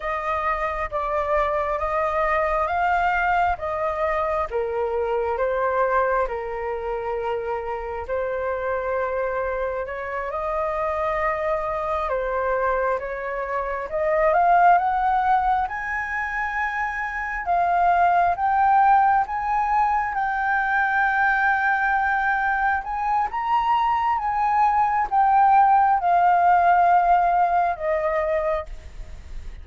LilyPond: \new Staff \with { instrumentName = "flute" } { \time 4/4 \tempo 4 = 67 dis''4 d''4 dis''4 f''4 | dis''4 ais'4 c''4 ais'4~ | ais'4 c''2 cis''8 dis''8~ | dis''4. c''4 cis''4 dis''8 |
f''8 fis''4 gis''2 f''8~ | f''8 g''4 gis''4 g''4.~ | g''4. gis''8 ais''4 gis''4 | g''4 f''2 dis''4 | }